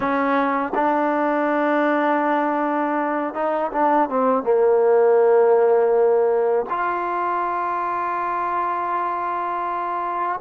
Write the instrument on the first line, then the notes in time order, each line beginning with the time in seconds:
trombone
0.00 C#4
0.74 D4
3.34 D#4
3.72 D4
4.09 C4
4.43 A#3
6.69 F4